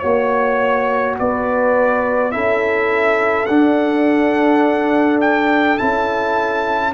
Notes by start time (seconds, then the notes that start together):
0.00 A#3 F#4 C#5
1.19 B3 B4 D5
2.32 C#4 E4 A4 E5
3.46 D4 F#5
5.21 G5
5.78 C#4 E4 A5